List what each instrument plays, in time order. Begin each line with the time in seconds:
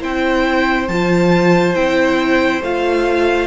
0.00 cello C4, viola E4, violin C5 G5
0.88 cello F3, viola F4, violin A5
1.75 cello C4, viola E4, violin G5
2.61 cello A3, viola F4, violin F5